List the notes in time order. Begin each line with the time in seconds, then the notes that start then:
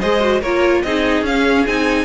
0.00 G#3 G#4 C5 D#5
0.20 F#4
0.41 A#3 F4 A#4 C#5
0.82 C4 D#4 G#4 D#5
1.22 C#4 F5
1.67 C4 D#4 G#5